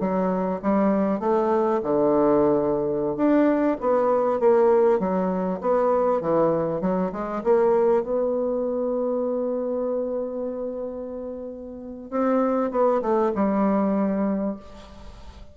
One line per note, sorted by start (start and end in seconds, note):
0.00 0.61 F#3
0.63 1.20 G3
1.20 1.80 A3
1.83 3.17 D3
3.17 3.77 D4
3.81 4.40 B3
4.40 4.99 A#3
4.99 5.60 F#3
5.61 6.21 B3
6.21 6.81 E3
6.81 7.12 F#3
7.12 7.42 G#3
7.44 8.03 A#3
8.03 12.11 B3
12.11 12.71 C4
12.71 13.01 B3
13.02 13.32 A3
13.35 14.56 G3